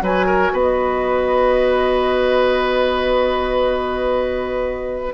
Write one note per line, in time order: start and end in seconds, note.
0.00 0.52 F#3
0.00 5.13 F#4
0.00 0.26 B4
0.00 0.55 G#5
0.26 0.51 A#4
0.52 5.13 B3
0.52 5.13 B4
0.52 5.13 D#5